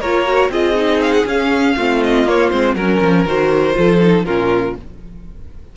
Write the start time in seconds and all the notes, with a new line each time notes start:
0.00 A#3 F4 A#4 C#5
0.26 F#4
0.49 C4 F4 G#4 D#5
0.75 D#4
1.02 F5
1.13 F#5
1.25 C#4 F5
1.76 A3 C4 F4
2.04 D#5
2.25 A#3 C#5
2.50 G#3 C4 C5
2.75 F#3 C#4 A#4
3.01 F3
3.25 D#3 F#4 C5
3.74 F3 F4 A4
4.01 D#4
4.25 A#2 C#4 F4 A#4